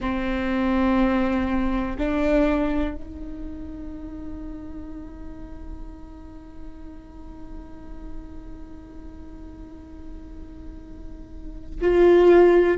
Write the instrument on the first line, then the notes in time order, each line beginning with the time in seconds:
viola
0.00 C4
1.97 D4
2.95 D#4
11.80 F4